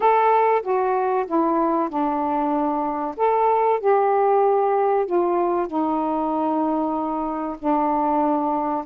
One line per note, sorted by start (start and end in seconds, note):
0.00 0.62 A4
0.62 1.25 F#4
1.27 1.89 E4
1.89 3.15 D4
3.16 3.80 A4
3.80 5.06 G4
5.06 5.67 F4
5.67 7.56 D#4
7.58 8.85 D4